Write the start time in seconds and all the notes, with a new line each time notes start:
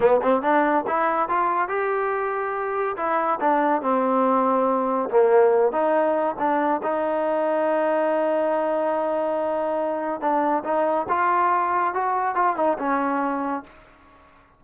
0.00 B3
0.22 C4
0.42 D4
0.87 E4
1.28 F4
1.68 G4
2.96 E4
3.40 D4
3.81 C4
5.10 A#3
5.71 D#4
6.38 D4
6.82 D#4
10.20 D4
10.64 D#4
11.09 F4
11.94 F#4
12.35 F4
12.56 D#4
12.78 C#4